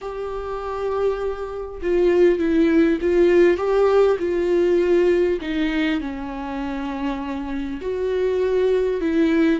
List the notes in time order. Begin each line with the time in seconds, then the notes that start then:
0.01 G4
1.82 F4
2.38 E4
3.01 F4
3.57 G4
4.19 F4
5.41 D#4
6.00 C#4
7.81 F#4
9.00 E4